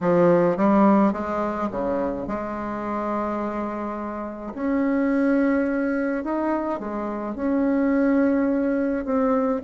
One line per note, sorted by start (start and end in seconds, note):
0.00 0.56 F3
0.56 1.12 G3
1.12 1.69 G#3
1.71 2.27 C#3
2.27 4.53 G#3
4.54 6.23 C#4
6.23 6.79 D#4
6.79 7.35 G#3
7.35 9.04 C#4
9.04 9.61 C4